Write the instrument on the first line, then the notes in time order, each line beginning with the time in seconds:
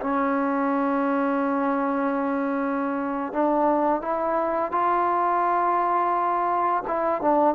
trombone
0.00 C#4
3.32 D4
4.01 E4
4.71 F4
6.87 E4
7.21 D4